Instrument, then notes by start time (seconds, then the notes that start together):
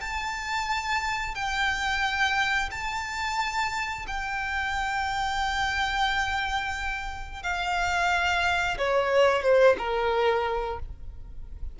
violin
0.00 A5
1.34 G5
2.71 A5
4.07 G5
7.42 F5
8.78 C#5
9.42 C5
9.78 A#4